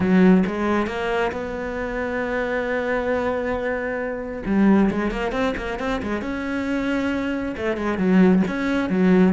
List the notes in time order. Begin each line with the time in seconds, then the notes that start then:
0.00 F#3
0.46 G#3
0.87 A#3
1.32 B3
4.46 G3
4.90 G#3
5.11 A#3
5.32 C4
5.57 A#3
5.79 C4
6.02 G#3
6.21 C#4
7.56 A3
7.76 G#3
7.97 F#3
8.47 C#4
8.89 F#3